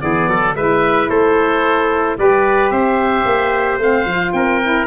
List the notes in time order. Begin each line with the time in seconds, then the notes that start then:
0.00 E3 B3 G#4 D5
0.28 F#3 A4
0.55 G#3 E4 B4 E5
1.09 A3 A4 C5
2.18 G3 G4 B4 D5
2.70 C4 C5 E5
3.25 A#3
3.78 A3 C4 F5
4.05 F3 F4
4.32 C4 A#4 G5
4.62 E4